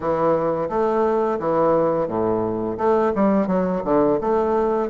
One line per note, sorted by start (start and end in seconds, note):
0.00 0.68 E3
0.68 1.38 A3
1.39 2.07 E3
2.07 2.77 A2
2.77 3.12 A3
3.15 3.47 G3
3.47 3.82 F#3
3.84 4.19 D3
4.20 4.89 A3